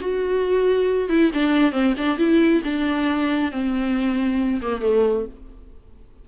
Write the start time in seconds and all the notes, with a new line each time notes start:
0.00 F#4
1.09 E4
1.34 D4
1.72 C4
1.97 D4
2.18 E4
2.64 D4
3.51 C4
4.61 A#3
4.81 A3